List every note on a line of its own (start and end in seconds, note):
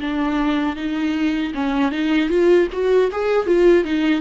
0.00 0.76 D4
0.76 1.53 D#4
1.54 1.91 C#4
1.91 2.29 D#4
2.29 2.68 F4
2.72 3.11 F#4
3.12 3.47 G#4
3.47 3.85 F4
3.85 4.21 D#4